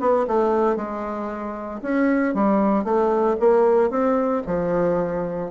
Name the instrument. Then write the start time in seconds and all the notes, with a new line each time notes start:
bassoon
0.00 B3
0.27 A3
0.76 G#3
1.82 C#4
2.34 G3
2.84 A3
3.40 A#3
3.90 C4
4.47 F3